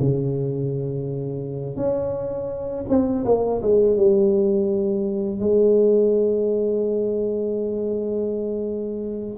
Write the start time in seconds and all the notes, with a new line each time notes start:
0.00 C#3
1.76 C#4
2.89 C4
3.25 A#3
3.62 G#3
3.97 G3
5.40 G#3